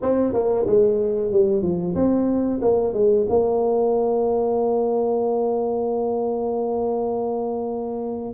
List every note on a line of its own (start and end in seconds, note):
0.01 0.33 C4
0.33 0.66 A#3
0.66 1.31 G#3
1.31 1.62 G3
1.62 1.94 F3
1.95 2.60 C4
2.61 2.93 A#3
2.93 3.26 G#3
3.29 8.33 A#3